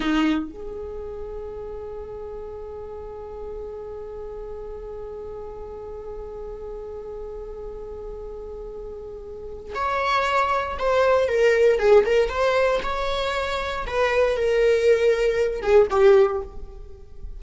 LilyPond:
\new Staff \with { instrumentName = "viola" } { \time 4/4 \tempo 4 = 117 dis'4 gis'2.~ | gis'1~ | gis'1~ | gis'1~ |
gis'2. cis''4~ | cis''4 c''4 ais'4 gis'8 ais'8 | c''4 cis''2 b'4 | ais'2~ ais'8 gis'8 g'4 | }